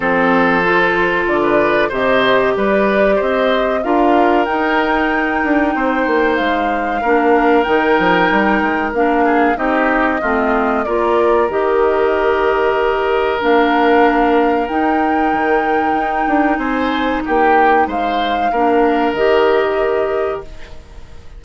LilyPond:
<<
  \new Staff \with { instrumentName = "flute" } { \time 4/4 \tempo 4 = 94 c''2 d''4 dis''4 | d''4 dis''4 f''4 g''4~ | g''2 f''2 | g''2 f''4 dis''4~ |
dis''4 d''4 dis''2~ | dis''4 f''2 g''4~ | g''2 gis''4 g''4 | f''2 dis''2 | }
  \new Staff \with { instrumentName = "oboe" } { \time 4/4 a'2~ a'16 b'8. c''4 | b'4 c''4 ais'2~ | ais'4 c''2 ais'4~ | ais'2~ ais'8 gis'8 g'4 |
f'4 ais'2.~ | ais'1~ | ais'2 c''4 g'4 | c''4 ais'2. | }
  \new Staff \with { instrumentName = "clarinet" } { \time 4/4 c'4 f'2 g'4~ | g'2 f'4 dis'4~ | dis'2. d'4 | dis'2 d'4 dis'4 |
c'4 f'4 g'2~ | g'4 d'2 dis'4~ | dis'1~ | dis'4 d'4 g'2 | }
  \new Staff \with { instrumentName = "bassoon" } { \time 4/4 f2 d4 c4 | g4 c'4 d'4 dis'4~ | dis'8 d'8 c'8 ais8 gis4 ais4 | dis8 f8 g8 gis8 ais4 c'4 |
a4 ais4 dis2~ | dis4 ais2 dis'4 | dis4 dis'8 d'8 c'4 ais4 | gis4 ais4 dis2 | }
>>